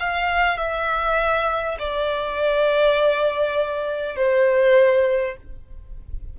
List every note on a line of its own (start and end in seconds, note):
0.00 0.57 F5
0.57 1.77 E5
1.79 4.16 D5
4.16 5.36 C5